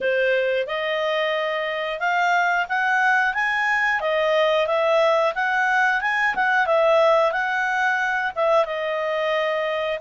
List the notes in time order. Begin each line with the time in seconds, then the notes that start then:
0.00 C5
0.66 D#5
1.99 F5
2.68 F#5
3.34 G#5
4.00 D#5
4.66 E5
5.35 F#5
6.01 G#5
6.35 F#5
6.66 E5
7.32 F#5
8.35 E5
8.65 D#5